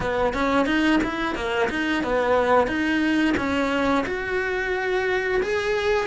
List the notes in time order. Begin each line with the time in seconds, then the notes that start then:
0.00 B3
0.33 C#4
0.66 D#4
1.03 E4
1.35 A#3
1.69 D#4
2.03 B3
2.67 D#4
3.37 C#4
4.06 F#4
5.42 G#4